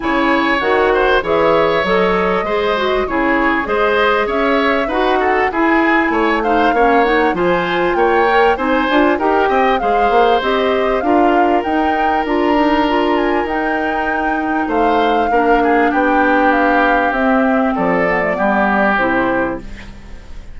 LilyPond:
<<
  \new Staff \with { instrumentName = "flute" } { \time 4/4 \tempo 4 = 98 gis''4 fis''4 e''4 dis''4~ | dis''4 cis''4 dis''4 e''4 | fis''4 gis''4. f''4 fis''8 | gis''4 g''4 gis''4 g''4 |
f''4 dis''4 f''4 g''4 | ais''4. gis''8 g''2 | f''2 g''4 f''4 | e''4 d''2 c''4 | }
  \new Staff \with { instrumentName = "oboe" } { \time 4/4 cis''4. c''8 cis''2 | c''4 gis'4 c''4 cis''4 | b'8 a'8 gis'4 cis''8 c''8 cis''4 | c''4 cis''4 c''4 ais'8 dis''8 |
c''2 ais'2~ | ais'1 | c''4 ais'8 gis'8 g'2~ | g'4 a'4 g'2 | }
  \new Staff \with { instrumentName = "clarinet" } { \time 4/4 e'4 fis'4 gis'4 a'4 | gis'8 fis'8 e'4 gis'2 | fis'4 e'4. dis'8 cis'8 dis'8 | f'4. ais'8 dis'8 f'8 g'4 |
gis'4 g'4 f'4 dis'4 | f'8 dis'8 f'4 dis'2~ | dis'4 d'2. | c'4. b16 a16 b4 e'4 | }
  \new Staff \with { instrumentName = "bassoon" } { \time 4/4 cis4 dis4 e4 fis4 | gis4 cis4 gis4 cis'4 | dis'4 e'4 a4 ais4 | f4 ais4 c'8 d'8 dis'8 c'8 |
gis8 ais8 c'4 d'4 dis'4 | d'2 dis'2 | a4 ais4 b2 | c'4 f4 g4 c4 | }
>>